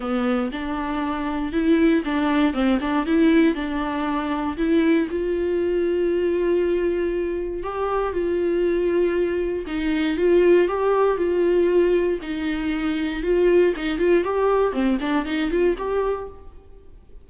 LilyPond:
\new Staff \with { instrumentName = "viola" } { \time 4/4 \tempo 4 = 118 b4 d'2 e'4 | d'4 c'8 d'8 e'4 d'4~ | d'4 e'4 f'2~ | f'2. g'4 |
f'2. dis'4 | f'4 g'4 f'2 | dis'2 f'4 dis'8 f'8 | g'4 c'8 d'8 dis'8 f'8 g'4 | }